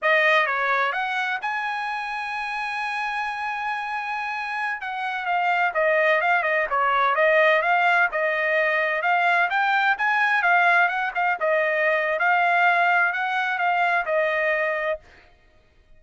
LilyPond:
\new Staff \with { instrumentName = "trumpet" } { \time 4/4 \tempo 4 = 128 dis''4 cis''4 fis''4 gis''4~ | gis''1~ | gis''2~ gis''16 fis''4 f''8.~ | f''16 dis''4 f''8 dis''8 cis''4 dis''8.~ |
dis''16 f''4 dis''2 f''8.~ | f''16 g''4 gis''4 f''4 fis''8 f''16~ | f''16 dis''4.~ dis''16 f''2 | fis''4 f''4 dis''2 | }